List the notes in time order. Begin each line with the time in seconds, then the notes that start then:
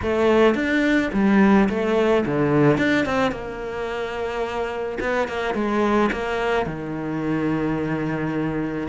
0.02 A3
0.55 D4
1.13 G3
1.69 A3
2.26 D3
2.77 D4
3.05 C4
3.31 A#3
5.00 B3
5.28 A#3
5.54 G#3
6.12 A#3
6.65 D#3